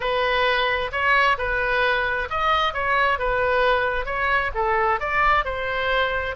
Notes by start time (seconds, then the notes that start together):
0.00 B4
0.92 C#5
1.38 B4
2.30 D#5
2.73 C#5
3.18 B4
4.05 C#5
4.54 A4
5.00 D5
5.44 C5